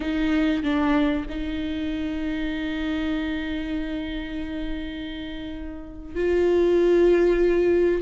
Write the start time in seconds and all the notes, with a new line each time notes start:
0.00 D#4
0.63 D4
1.29 D#4
6.15 F4